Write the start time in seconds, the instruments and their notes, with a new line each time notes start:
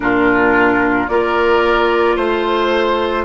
0.00 bassoon A#2, clarinet D4, oboe F4, flute A#4
1.08 bassoon A#3, clarinet F4, oboe A#4, flute D5
2.15 bassoon A3, oboe C5, flute C5